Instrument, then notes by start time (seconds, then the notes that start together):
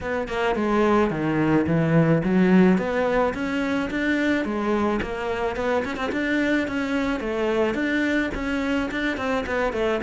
cello
0.01 B3
0.28 A#3
0.55 G#3
1.10 D#3
1.66 E3
2.23 F#3
2.78 B3
3.33 C#4
3.90 D4
4.44 G#3
5.02 A#3
5.56 B3
5.84 C#4
5.96 C4
6.12 D4
6.67 C#4
7.19 A3
7.74 D4
8.34 C#4
8.91 D4
9.17 C4
9.46 B3
9.72 A3